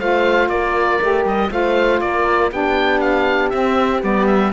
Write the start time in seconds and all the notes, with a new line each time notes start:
0.00 A3 F4 C5 F5
0.49 A#3 A#4 D5
1.02 A3 G4
1.25 G3 D#5
1.50 A3 F4 C5 F5
2.01 A#3 A#4 D5
2.52 B3 D4 G4 G5
3.01 F5
3.50 C4 E5
4.02 G3 B3 D5
4.27 E5